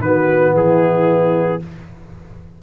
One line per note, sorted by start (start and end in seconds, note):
0.00 0.53 D#3
0.00 1.59 B3
0.00 0.54 F#4
0.00 0.54 B4
0.53 1.60 E3
0.53 1.60 E4
0.53 1.62 G#4